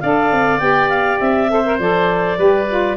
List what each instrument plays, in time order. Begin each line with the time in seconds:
0.00 tuba D4, saxophone A4, oboe D5, clarinet F5
0.31 tuba C4
0.59 tuba B3, saxophone G4, clarinet G5
0.89 clarinet F5
1.19 tuba C4, clarinet E5
1.50 saxophone A4, oboe C5
1.65 saxophone A#4
1.79 tuba F3, saxophone A4, clarinet D5
2.38 tuba G3, saxophone G4, oboe B4
2.69 saxophone F4